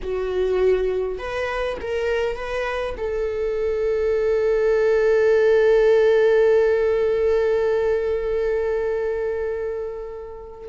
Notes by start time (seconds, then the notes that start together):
0.02 F#4
1.18 B4
1.81 A#4
2.36 B4
2.97 A4